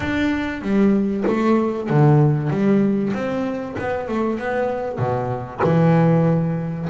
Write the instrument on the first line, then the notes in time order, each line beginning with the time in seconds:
double bass
0.00 D4
0.61 G3
1.27 A3
1.89 D3
2.49 G3
3.13 C4
3.78 B3
4.08 A3
4.39 B3
4.98 B2
5.63 E3